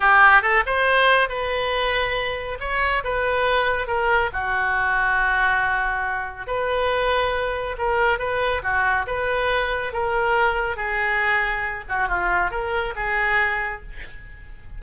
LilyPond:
\new Staff \with { instrumentName = "oboe" } { \time 4/4 \tempo 4 = 139 g'4 a'8 c''4. b'4~ | b'2 cis''4 b'4~ | b'4 ais'4 fis'2~ | fis'2. b'4~ |
b'2 ais'4 b'4 | fis'4 b'2 ais'4~ | ais'4 gis'2~ gis'8 fis'8 | f'4 ais'4 gis'2 | }